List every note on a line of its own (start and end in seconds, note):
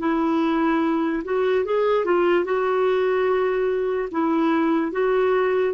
0.00 1.23 E4
1.25 1.66 F#4
1.66 2.05 G#4
2.05 2.45 F4
2.45 4.09 F#4
4.12 4.92 E4
4.92 5.74 F#4